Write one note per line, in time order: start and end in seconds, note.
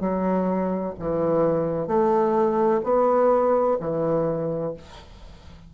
0.00 0.94 F#3
0.99 1.87 E3
1.87 2.81 A3
2.83 3.77 B3
3.80 4.74 E3